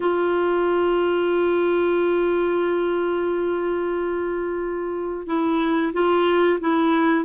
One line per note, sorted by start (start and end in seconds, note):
0.00 5.26 F4
5.26 5.92 E4
5.93 6.59 F4
6.60 7.24 E4